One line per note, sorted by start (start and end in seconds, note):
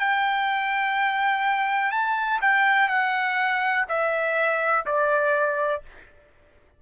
0.00 1.92 G5
1.92 2.40 A5
2.42 2.89 G5
2.89 3.86 F#5
3.89 4.86 E5
4.86 5.83 D5